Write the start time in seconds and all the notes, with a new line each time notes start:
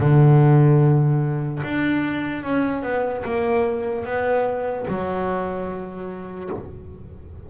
0.00 D3
1.63 D4
2.43 C#4
2.83 B3
3.25 A#3
4.05 B3
4.88 F#3